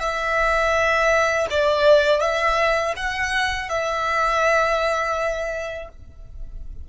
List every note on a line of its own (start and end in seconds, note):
0.00 1.46 E5
1.51 2.21 D5
2.21 2.94 E5
2.97 3.69 F#5
3.69 5.89 E5